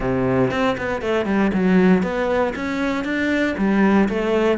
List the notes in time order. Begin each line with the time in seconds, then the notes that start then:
0.00 C3
0.50 C4
0.77 B3
1.01 A3
1.25 G3
1.53 F#3
2.02 B3
2.55 C#4
3.04 D4
3.57 G3
4.08 A3